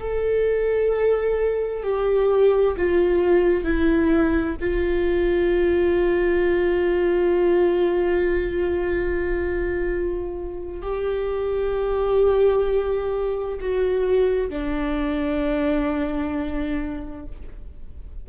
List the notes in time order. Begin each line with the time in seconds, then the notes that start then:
0.00 A4
1.84 G4
2.77 F4
3.65 E4
4.61 F4
10.83 G4
13.61 F#4
14.50 D4